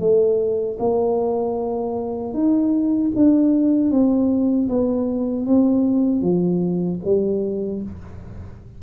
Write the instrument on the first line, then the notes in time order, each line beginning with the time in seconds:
tuba
0.00 A3
0.80 A#3
2.34 D#4
3.16 D4
3.91 C4
4.69 B3
5.47 C4
6.22 F3
7.05 G3